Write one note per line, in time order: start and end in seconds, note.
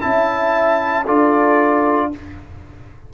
0.00 1.08 C#4
0.00 1.05 E4
0.00 1.05 E5
0.00 1.07 A5
1.05 2.14 D4
1.05 2.12 F4
1.05 2.10 A4
1.05 2.13 D5